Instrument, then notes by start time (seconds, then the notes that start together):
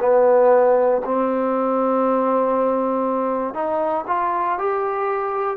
trombone
0.00 B3
1.05 C4
3.55 D#4
4.08 F4
4.59 G4